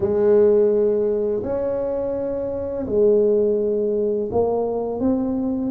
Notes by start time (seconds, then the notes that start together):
0.00 G#3
1.43 C#4
2.86 G#3
4.31 A#3
5.00 C4